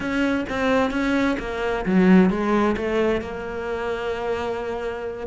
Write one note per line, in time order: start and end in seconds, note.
0.00 0.45 C#4
0.49 0.91 C4
0.91 1.36 C#4
1.39 1.85 A#3
1.85 2.30 F#3
2.30 2.75 G#3
2.76 3.21 A3
3.21 5.27 A#3